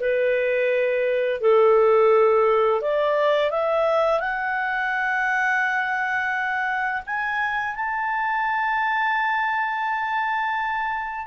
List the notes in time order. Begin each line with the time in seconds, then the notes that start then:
0.00 B4
1.41 A4
2.81 D5
3.51 E5
4.20 F#5
7.06 G#5
7.75 A5